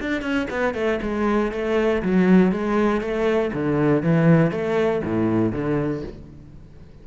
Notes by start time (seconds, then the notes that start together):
0.00 D4
0.21 C#4
0.50 B3
0.74 A3
1.02 G#3
1.51 A3
2.02 F#3
2.51 G#3
3.01 A3
3.53 D3
4.02 E3
4.51 A3
5.04 A2
5.52 D3